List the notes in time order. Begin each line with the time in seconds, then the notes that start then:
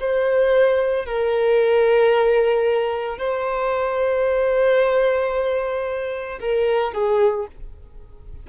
0.00 C5
1.06 A#4
3.18 C5
6.40 A#4
6.93 G#4